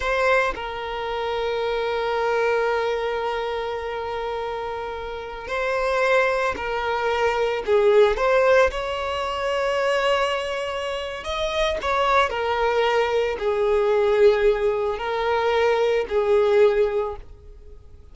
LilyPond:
\new Staff \with { instrumentName = "violin" } { \time 4/4 \tempo 4 = 112 c''4 ais'2.~ | ais'1~ | ais'2~ ais'16 c''4.~ c''16~ | c''16 ais'2 gis'4 c''8.~ |
c''16 cis''2.~ cis''8.~ | cis''4 dis''4 cis''4 ais'4~ | ais'4 gis'2. | ais'2 gis'2 | }